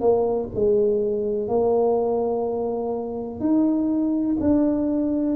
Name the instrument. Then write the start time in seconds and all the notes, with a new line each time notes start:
tuba
0.00 A#3
0.54 G#3
1.47 A#3
3.40 D#4
4.40 D4